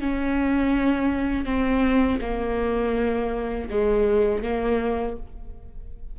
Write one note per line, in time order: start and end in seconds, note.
0.00 1.45 C#4
1.45 2.19 C4
2.21 3.69 A#3
3.69 4.42 G#3
4.42 5.16 A#3